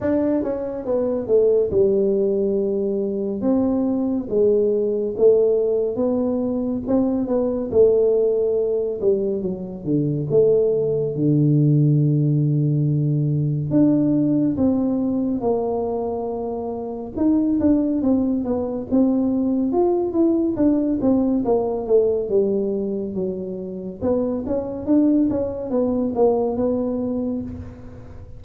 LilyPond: \new Staff \with { instrumentName = "tuba" } { \time 4/4 \tempo 4 = 70 d'8 cis'8 b8 a8 g2 | c'4 gis4 a4 b4 | c'8 b8 a4. g8 fis8 d8 | a4 d2. |
d'4 c'4 ais2 | dis'8 d'8 c'8 b8 c'4 f'8 e'8 | d'8 c'8 ais8 a8 g4 fis4 | b8 cis'8 d'8 cis'8 b8 ais8 b4 | }